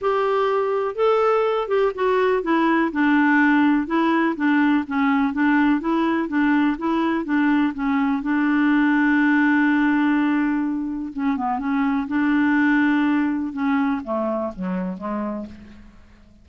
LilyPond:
\new Staff \with { instrumentName = "clarinet" } { \time 4/4 \tempo 4 = 124 g'2 a'4. g'8 | fis'4 e'4 d'2 | e'4 d'4 cis'4 d'4 | e'4 d'4 e'4 d'4 |
cis'4 d'2.~ | d'2. cis'8 b8 | cis'4 d'2. | cis'4 a4 fis4 gis4 | }